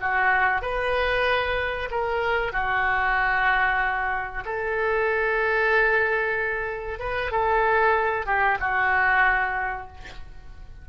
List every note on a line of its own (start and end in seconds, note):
0.00 0.61 F#4
0.61 1.89 B4
1.91 2.52 A#4
2.52 4.44 F#4
4.45 6.99 A4
6.99 7.31 B4
7.31 8.26 A4
8.26 8.58 G4
8.60 9.87 F#4